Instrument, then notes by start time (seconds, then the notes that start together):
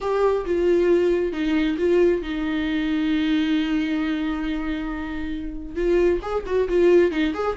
viola
0.00 G4
0.45 F4
1.32 D#4
1.77 F4
2.21 D#4
5.75 F4
6.22 G#4
6.45 F#4
6.68 F4
7.11 D#4
7.34 G#4